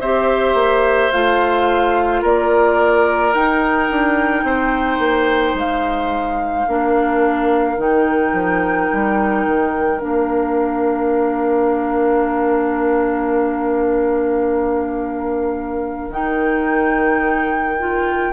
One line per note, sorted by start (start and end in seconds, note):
0.00 0.54 C4
0.00 1.12 G4
0.00 2.22 C5
0.00 1.11 E5
0.54 1.10 A#3
1.11 2.23 A3
1.11 3.34 F4
1.11 2.22 F5
2.22 3.34 A#3
2.22 4.44 A#4
2.22 3.34 D5
3.34 3.90 D#4
3.34 6.67 D#4
3.34 5.56 G5
3.90 4.43 D4
4.43 4.99 C4
4.43 6.68 C5
4.99 5.54 A#3
5.54 6.65 G#3
5.54 7.80 F5
6.68 7.77 A#3
6.68 7.78 D4
6.68 18.33 A#4
7.77 8.33 D#3
7.77 9.99 D#4
7.77 10.01 G5
8.33 8.88 F3
8.93 9.46 G3
9.46 10.02 D#3
9.99 16.09 A#3
9.99 16.10 D4
9.99 16.12 F5
16.09 18.31 D#3
16.09 17.78 D#4
16.09 18.33 G5
17.79 18.33 F4